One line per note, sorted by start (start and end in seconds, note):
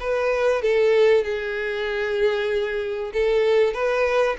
0.00 0.62 B4
0.62 1.24 A4
1.24 3.12 G#4
3.14 3.74 A4
3.74 4.36 B4